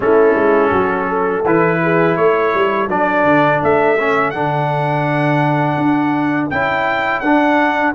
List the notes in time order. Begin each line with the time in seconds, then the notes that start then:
0.00 A3 C#4 E4 A4
0.34 G#3
0.70 F#3 F#4
1.08 A4
1.45 E3 E4 B4
1.82 G#4
2.16 A3 A4 C#5
2.54 G3
2.87 F#3 D4 D5
3.24 D3
3.62 A3 E5
3.99 C#4
4.30 D3 D4 F#5
5.77 D4
6.50 C#4 E4 G5
7.20 D4 F#5